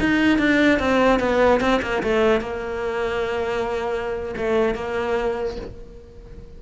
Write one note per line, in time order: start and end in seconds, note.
0.00 0.38 D#4
0.38 0.79 D4
0.79 1.19 C4
1.19 1.60 B3
1.60 1.81 C4
1.82 2.02 A#3
2.03 2.41 A3
2.41 4.35 A#3
4.37 4.75 A3
4.75 5.56 A#3